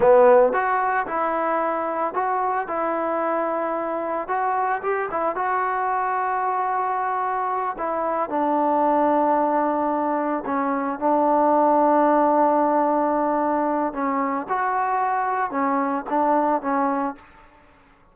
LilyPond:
\new Staff \with { instrumentName = "trombone" } { \time 4/4 \tempo 4 = 112 b4 fis'4 e'2 | fis'4 e'2. | fis'4 g'8 e'8 fis'2~ | fis'2~ fis'8 e'4 d'8~ |
d'2.~ d'8 cis'8~ | cis'8 d'2.~ d'8~ | d'2 cis'4 fis'4~ | fis'4 cis'4 d'4 cis'4 | }